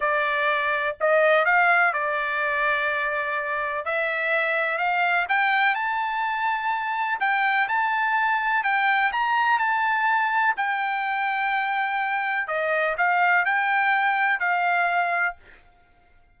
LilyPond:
\new Staff \with { instrumentName = "trumpet" } { \time 4/4 \tempo 4 = 125 d''2 dis''4 f''4 | d''1 | e''2 f''4 g''4 | a''2. g''4 |
a''2 g''4 ais''4 | a''2 g''2~ | g''2 dis''4 f''4 | g''2 f''2 | }